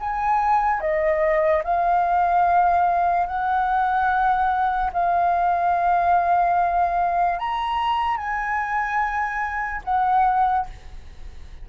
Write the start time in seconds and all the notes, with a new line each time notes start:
0.00 G#5
0.81 D#5
1.64 F5
3.27 F#5
4.93 F5
7.39 A#5
8.17 G#5
9.84 F#5